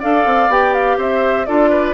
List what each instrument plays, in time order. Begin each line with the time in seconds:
0.00 bassoon D4, clarinet A4, oboe D5, flute F5
0.26 bassoon C4
0.48 bassoon B3, clarinet G4, flute G5
0.73 flute F5
0.98 bassoon C4, oboe C5, flute E5
1.46 bassoon D4, clarinet F4, oboe A4, flute D5
1.70 oboe B4